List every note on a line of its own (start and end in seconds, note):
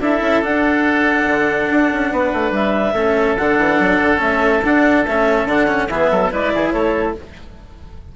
0.00 0.21 D4
0.00 0.42 E4
0.00 2.11 A4
0.00 0.44 E5
0.22 0.43 C#4
0.42 2.94 D4
0.42 1.27 D4
0.42 2.54 F#5
1.27 1.69 D3
1.71 1.92 D4
1.93 2.12 C#4
2.12 2.33 B3
2.12 2.94 B4
2.34 2.51 A3
2.51 2.93 G3
2.51 3.37 E5
2.94 3.36 A3
2.94 3.38 C#4
2.94 5.88 A4
3.37 3.58 D3
3.37 4.18 D4
3.37 4.21 F#5
3.58 3.79 E3
3.80 4.01 F#3
4.02 4.21 D3
4.18 4.62 A3
4.18 4.60 C#4
4.18 4.63 E5
4.64 5.06 D4
4.64 5.07 D4
4.64 5.06 F#5
5.06 5.45 A3
5.06 5.49 C#4
5.06 5.48 E5
5.45 5.87 D3
5.45 5.68 D4
5.45 5.89 F#5
5.68 5.89 C#4
5.89 6.11 E3
5.89 6.31 B3
5.89 6.11 G#4
5.89 6.31 E5
6.11 6.33 F#3
6.11 6.32 A4
6.31 6.54 G#3
6.31 7.15 E4
6.31 6.53 B4
6.31 6.71 D5
6.55 6.74 E3
6.55 6.74 G#4
6.71 7.16 A3
6.71 7.16 A4
6.71 7.13 C#5